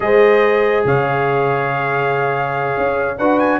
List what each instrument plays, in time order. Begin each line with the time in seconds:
0.00 tuba G#3, trombone G#4, horn C5, trumpet D#5
0.84 tuba C#3, horn C#5, trumpet F5
2.77 tuba C#4
3.18 tuba D4, trombone F#4, horn B4, trumpet F#5
3.39 trumpet G#5